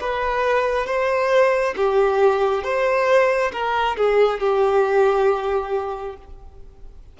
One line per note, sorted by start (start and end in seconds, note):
0.00 0.86 B4
0.86 1.74 C5
1.76 2.63 G4
2.63 3.51 C5
3.52 3.96 A#4
3.97 4.40 G#4
4.40 6.16 G4